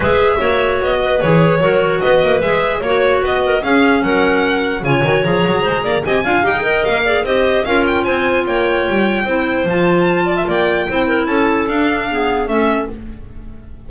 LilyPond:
<<
  \new Staff \with { instrumentName = "violin" } { \time 4/4 \tempo 4 = 149 e''2 dis''4 cis''4~ | cis''4 dis''4 e''4 cis''4 | dis''4 f''4 fis''2 | gis''4 ais''2 gis''4 |
g''4 f''4 dis''4 f''8 g''8 | gis''4 g''2. | a''2 g''2 | a''4 f''2 e''4 | }
  \new Staff \with { instrumentName = "clarinet" } { \time 4/4 b'4 cis''4. b'4. | ais'4 b'2 cis''4 | b'8 ais'8 gis'4 ais'2 | cis''2 c''8 d''8 dis''8 f''8~ |
f''8 dis''4 d''8 c''4 ais'4 | c''4 cis''2 c''4~ | c''4. d''16 e''16 d''4 c''8 ais'8 | a'2 gis'4 a'4 | }
  \new Staff \with { instrumentName = "clarinet" } { \time 4/4 gis'4 fis'2 gis'4 | fis'2 gis'4 fis'4~ | fis'4 cis'2. | f'8 fis'8 gis'2 g'8 f'8 |
g'16 gis'16 ais'4 gis'8 g'4 f'4~ | f'2. e'4 | f'2. e'4~ | e'4 d'4 b4 cis'4 | }
  \new Staff \with { instrumentName = "double bass" } { \time 4/4 gis4 ais4 b4 e4 | fis4 b8 ais8 gis4 ais4 | b4 cis'4 fis2 | cis8 dis8 f8 fis8 gis8 ais8 c'8 d'8 |
dis'4 ais4 c'4 cis'4 | c'4 ais4 g4 c'4 | f2 ais4 c'4 | cis'4 d'2 a4 | }
>>